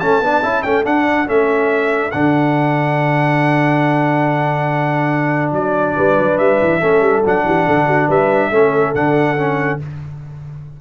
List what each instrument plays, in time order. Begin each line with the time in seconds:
0.00 tuba A3, trombone C#4, horn A4, trumpet A5
0.21 tuba B3, trombone D4
0.43 tuba C#4, trombone E4
0.63 tuba A3, trombone C#4, trumpet G5
0.84 trombone D4, tuba D4, trumpet F#5
1.27 tuba A3, trombone C#4, trumpet E5
2.12 tuba D3, trombone D4, trumpet F#5
5.52 tuba F#3, trumpet D5
5.97 tuba G3, horn B4
6.18 tuba F#3
6.38 tuba G3, trumpet E5
6.63 tuba E3
6.81 tuba A3, trombone C#4, horn A4
7.01 tuba G3
7.26 tuba F#3, trombone D4, trumpet F#5
7.45 tuba E3, horn G4
7.67 tuba D3, horn A4
7.87 horn F#4
8.08 tuba G3, horn B4, trumpet E5
8.51 tuba A3, trombone C#4, horn A4
8.95 tuba D3, trombone D4, trumpet F#5
9.37 trombone C#4